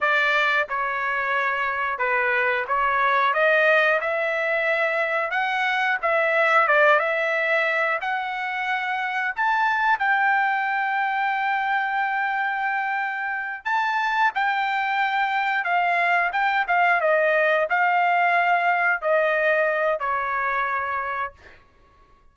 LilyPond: \new Staff \with { instrumentName = "trumpet" } { \time 4/4 \tempo 4 = 90 d''4 cis''2 b'4 | cis''4 dis''4 e''2 | fis''4 e''4 d''8 e''4. | fis''2 a''4 g''4~ |
g''1~ | g''8 a''4 g''2 f''8~ | f''8 g''8 f''8 dis''4 f''4.~ | f''8 dis''4. cis''2 | }